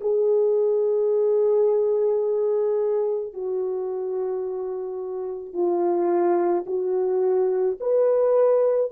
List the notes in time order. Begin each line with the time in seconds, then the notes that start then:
0.00 G#4
3.33 F#4
5.53 F4
6.66 F#4
7.80 B4